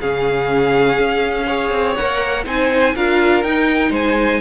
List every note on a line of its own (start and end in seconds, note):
0.00 0.98 C#3
0.00 1.47 C#4
0.00 1.46 G#4
0.00 1.95 F5
0.98 1.71 C#4
1.46 1.96 G#4
1.46 2.44 C#5
1.71 1.95 C4
1.95 2.45 A#3
1.95 2.44 A#4
1.95 2.44 F#5
2.44 2.94 C4
2.44 2.93 D#4
2.44 2.95 C5
2.44 2.96 G#5
2.95 3.43 D4
2.95 3.44 F4
2.95 3.91 A#4
2.95 3.43 F5
3.43 3.90 D#4
3.43 4.41 D#4
3.43 3.92 G5
3.90 4.39 G#3
3.90 4.40 C5
3.90 4.41 G#5